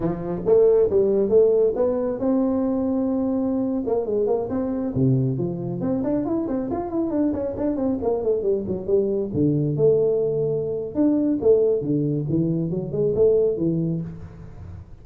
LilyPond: \new Staff \with { instrumentName = "tuba" } { \time 4/4 \tempo 4 = 137 f4 a4 g4 a4 | b4 c'2.~ | c'8. ais8 gis8 ais8 c'4 c8.~ | c16 f4 c'8 d'8 e'8 c'8 f'8 e'16~ |
e'16 d'8 cis'8 d'8 c'8 ais8 a8 g8 fis16~ | fis16 g4 d4 a4.~ a16~ | a4 d'4 a4 d4 | e4 fis8 gis8 a4 e4 | }